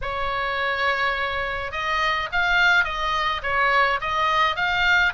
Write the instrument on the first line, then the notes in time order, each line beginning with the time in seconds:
oboe
0.01 C#5
1.71 D#5
2.31 F5
2.84 D#5
3.43 C#5
4.01 D#5
4.56 F5